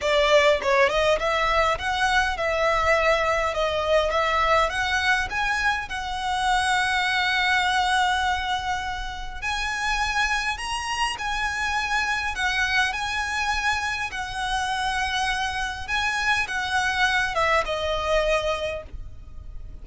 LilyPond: \new Staff \with { instrumentName = "violin" } { \time 4/4 \tempo 4 = 102 d''4 cis''8 dis''8 e''4 fis''4 | e''2 dis''4 e''4 | fis''4 gis''4 fis''2~ | fis''1 |
gis''2 ais''4 gis''4~ | gis''4 fis''4 gis''2 | fis''2. gis''4 | fis''4. e''8 dis''2 | }